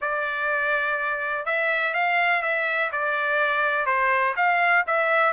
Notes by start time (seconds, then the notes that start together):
0.01 D5
1.45 E5
1.94 F5
2.42 E5
2.91 D5
3.86 C5
4.36 F5
4.86 E5